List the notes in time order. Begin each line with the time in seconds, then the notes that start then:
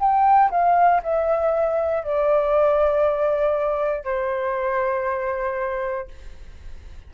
0.00 G5
0.51 F5
1.04 E5
2.04 D5
4.05 C5